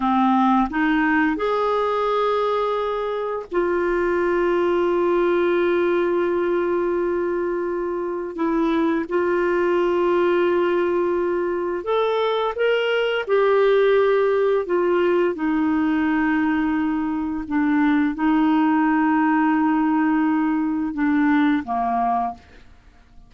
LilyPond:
\new Staff \with { instrumentName = "clarinet" } { \time 4/4 \tempo 4 = 86 c'4 dis'4 gis'2~ | gis'4 f'2.~ | f'1 | e'4 f'2.~ |
f'4 a'4 ais'4 g'4~ | g'4 f'4 dis'2~ | dis'4 d'4 dis'2~ | dis'2 d'4 ais4 | }